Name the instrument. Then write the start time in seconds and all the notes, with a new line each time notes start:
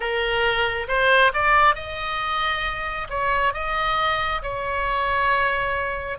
oboe
0.00 A#4
0.87 C5
1.33 D5
1.75 D#5
3.09 C#5
3.53 D#5
4.42 C#5